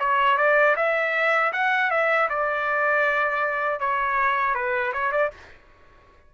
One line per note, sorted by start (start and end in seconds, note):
0.00 0.38 C#5
0.38 0.76 D5
0.77 1.53 E5
1.53 1.91 F#5
1.91 2.29 E5
2.30 3.80 D5
3.80 4.55 C#5
4.55 4.93 B4
4.93 5.12 C#5
5.12 5.31 D5